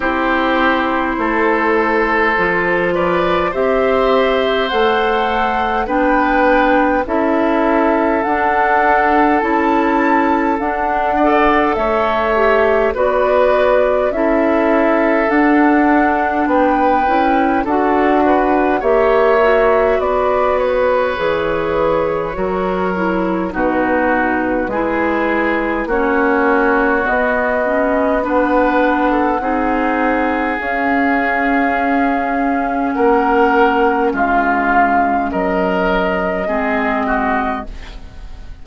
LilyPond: <<
  \new Staff \with { instrumentName = "flute" } { \time 4/4 \tempo 4 = 51 c''2~ c''8 d''8 e''4 | fis''4 g''4 e''4 fis''4 | a''4 fis''4 e''4 d''4 | e''4 fis''4 g''4 fis''4 |
e''4 d''8 cis''2~ cis''8 | b'2 cis''4 dis''4 | fis''2 f''2 | fis''4 f''4 dis''2 | }
  \new Staff \with { instrumentName = "oboe" } { \time 4/4 g'4 a'4. b'8 c''4~ | c''4 b'4 a'2~ | a'4. d''8 cis''4 b'4 | a'2 b'4 a'8 b'8 |
cis''4 b'2 ais'4 | fis'4 gis'4 fis'2 | b'8. a'16 gis'2. | ais'4 f'4 ais'4 gis'8 fis'8 | }
  \new Staff \with { instrumentName = "clarinet" } { \time 4/4 e'2 f'4 g'4 | a'4 d'4 e'4 d'4 | e'4 d'8 a'4 g'8 fis'4 | e'4 d'4. e'8 fis'4 |
g'8 fis'4. gis'4 fis'8 e'8 | dis'4 e'4 cis'4 b8 cis'8 | d'4 dis'4 cis'2~ | cis'2. c'4 | }
  \new Staff \with { instrumentName = "bassoon" } { \time 4/4 c'4 a4 f4 c'4 | a4 b4 cis'4 d'4 | cis'4 d'4 a4 b4 | cis'4 d'4 b8 cis'8 d'4 |
ais4 b4 e4 fis4 | b,4 gis4 ais4 b4~ | b4 c'4 cis'2 | ais4 gis4 fis4 gis4 | }
>>